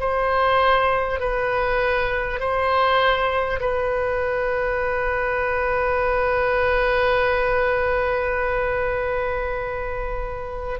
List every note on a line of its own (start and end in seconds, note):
0.00 1.20 C5
1.20 2.39 B4
2.39 3.59 C5
3.61 10.80 B4